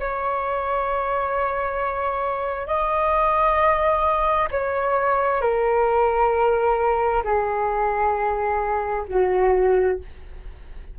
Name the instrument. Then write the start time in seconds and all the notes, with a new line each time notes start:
flute
0.00 C#5
2.67 D#5
4.51 C#5
5.42 A#4
7.24 G#4
9.08 F#4